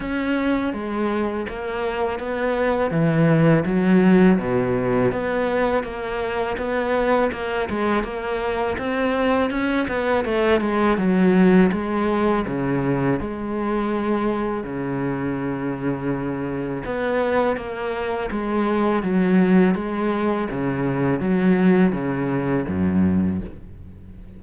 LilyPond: \new Staff \with { instrumentName = "cello" } { \time 4/4 \tempo 4 = 82 cis'4 gis4 ais4 b4 | e4 fis4 b,4 b4 | ais4 b4 ais8 gis8 ais4 | c'4 cis'8 b8 a8 gis8 fis4 |
gis4 cis4 gis2 | cis2. b4 | ais4 gis4 fis4 gis4 | cis4 fis4 cis4 fis,4 | }